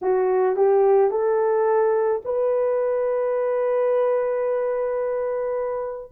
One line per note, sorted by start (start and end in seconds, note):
0.01 0.56 F#4
0.56 1.11 G4
1.11 2.22 A4
2.24 6.11 B4